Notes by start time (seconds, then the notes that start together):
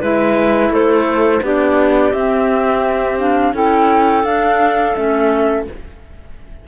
0.00 G#3 E4 B4 E5
0.69 A3 A4 C5
1.42 B3 D4 G4 D5
2.12 C4 E5
3.18 D4 F5
3.53 C#4 E4 A4 G5
4.23 D4 F5
4.95 A3 C#4 E5